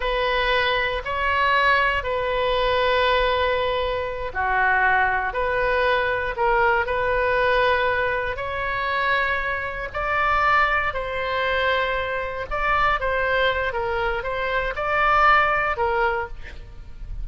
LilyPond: \new Staff \with { instrumentName = "oboe" } { \time 4/4 \tempo 4 = 118 b'2 cis''2 | b'1~ | b'8 fis'2 b'4.~ | b'8 ais'4 b'2~ b'8~ |
b'8 cis''2. d''8~ | d''4. c''2~ c''8~ | c''8 d''4 c''4. ais'4 | c''4 d''2 ais'4 | }